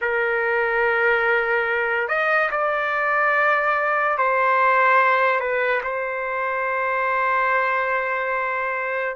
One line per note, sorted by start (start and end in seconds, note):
0.01 2.08 A#4
2.08 2.50 D#5
2.51 4.17 D5
4.18 5.39 C5
5.39 5.81 B4
5.83 9.16 C5